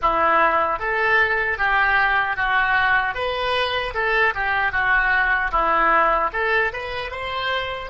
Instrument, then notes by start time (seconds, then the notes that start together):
oboe
0.01 E4
0.79 A4
1.58 G4
2.36 F#4
3.14 B4
3.94 A4
4.34 G4
4.72 F#4
5.51 E4
6.32 A4
6.72 B4
7.11 C5